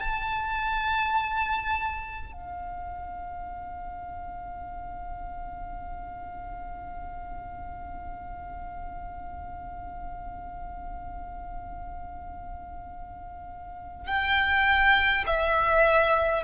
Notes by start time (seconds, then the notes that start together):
0.00 A5
2.33 F5
14.07 G5
15.27 E5